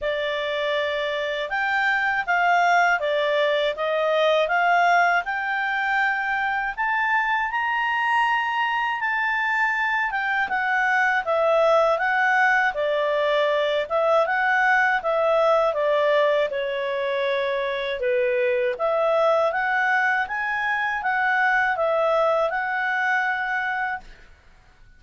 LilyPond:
\new Staff \with { instrumentName = "clarinet" } { \time 4/4 \tempo 4 = 80 d''2 g''4 f''4 | d''4 dis''4 f''4 g''4~ | g''4 a''4 ais''2 | a''4. g''8 fis''4 e''4 |
fis''4 d''4. e''8 fis''4 | e''4 d''4 cis''2 | b'4 e''4 fis''4 gis''4 | fis''4 e''4 fis''2 | }